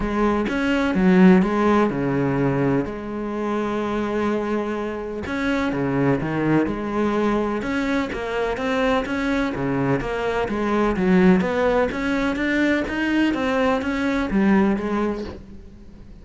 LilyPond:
\new Staff \with { instrumentName = "cello" } { \time 4/4 \tempo 4 = 126 gis4 cis'4 fis4 gis4 | cis2 gis2~ | gis2. cis'4 | cis4 dis4 gis2 |
cis'4 ais4 c'4 cis'4 | cis4 ais4 gis4 fis4 | b4 cis'4 d'4 dis'4 | c'4 cis'4 g4 gis4 | }